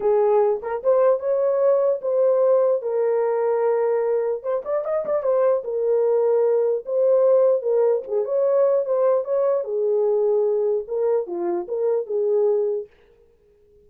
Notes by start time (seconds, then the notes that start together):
0.00 G#4
0.62 A#4
0.83 C5
1.19 C#5
2.01 C5
2.82 A#4
4.42 C5
4.64 D5
4.84 D#5
5.05 D5
5.22 C5
5.64 A#4
6.85 C5
7.62 A#4
8.07 G#4
8.25 C#5
8.85 C5
9.24 C#5
9.64 G#4
10.87 A#4
11.26 F4
11.68 A#4
12.06 G#4